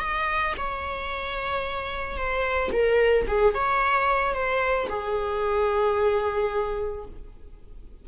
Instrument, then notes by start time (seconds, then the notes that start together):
viola
0.00 D#5
0.58 C#5
2.17 C5
2.73 A#4
3.28 G#4
3.55 C#5
4.34 C5
4.90 G#4